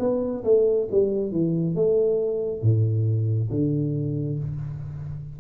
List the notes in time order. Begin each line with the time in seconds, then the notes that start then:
0.00 B3
0.45 A3
0.91 G3
1.32 E3
1.76 A3
2.62 A2
3.51 D3